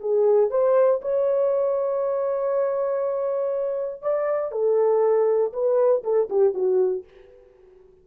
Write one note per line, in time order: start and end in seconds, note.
0.00 0.50 G#4
0.50 1.01 C5
1.02 4.02 C#5
4.02 4.52 D5
4.52 5.53 A4
5.53 6.03 B4
6.03 6.29 A4
6.30 6.54 G4
6.54 7.05 F#4